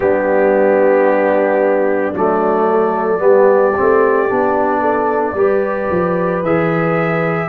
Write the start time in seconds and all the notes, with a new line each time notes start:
0.00 G3 B3 D4 G4
2.14 F#3 A3 D5
2.69 A4
3.18 G3 B3 G4
3.77 A3 C4
4.28 B3 D4
4.81 A4
5.33 G3 G4 B4
5.90 F3
6.42 E3 G#4 E5